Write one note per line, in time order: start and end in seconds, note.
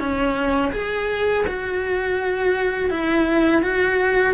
0.00 0.72 C#4
0.73 1.45 G#4
1.47 2.91 F#4
2.91 3.63 E4
3.63 4.34 F#4